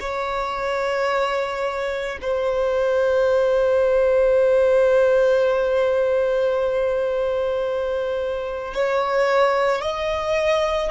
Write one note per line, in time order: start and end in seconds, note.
0.00 2.18 C#5
2.21 8.74 C5
8.74 9.81 C#5
9.81 10.90 D#5